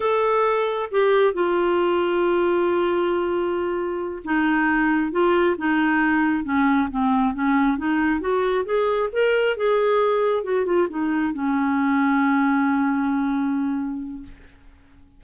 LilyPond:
\new Staff \with { instrumentName = "clarinet" } { \time 4/4 \tempo 4 = 135 a'2 g'4 f'4~ | f'1~ | f'4. dis'2 f'8~ | f'8 dis'2 cis'4 c'8~ |
c'8 cis'4 dis'4 fis'4 gis'8~ | gis'8 ais'4 gis'2 fis'8 | f'8 dis'4 cis'2~ cis'8~ | cis'1 | }